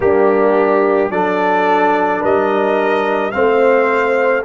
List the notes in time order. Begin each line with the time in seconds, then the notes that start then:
0.00 G3 A#3 D4 G4
1.10 F#3 D4 A4 D5
2.20 G3 A#4 D#5
3.31 A3 C4 C5 F5